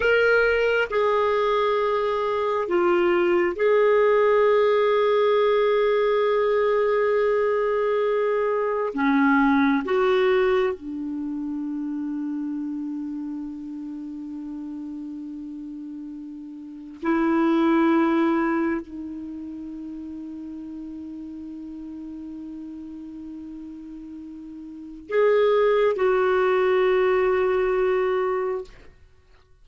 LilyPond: \new Staff \with { instrumentName = "clarinet" } { \time 4/4 \tempo 4 = 67 ais'4 gis'2 f'4 | gis'1~ | gis'2 cis'4 fis'4 | d'1~ |
d'2. e'4~ | e'4 dis'2.~ | dis'1 | gis'4 fis'2. | }